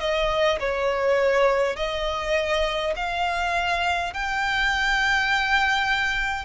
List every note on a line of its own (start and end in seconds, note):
0.00 0.59 D#5
0.59 1.76 C#5
1.76 2.94 D#5
2.96 4.13 F5
4.13 6.45 G5